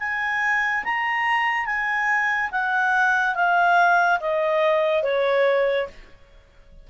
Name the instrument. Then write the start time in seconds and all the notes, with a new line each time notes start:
clarinet
0.00 G#5
0.85 A#5
1.66 G#5
2.52 F#5
3.35 F5
4.21 D#5
5.04 C#5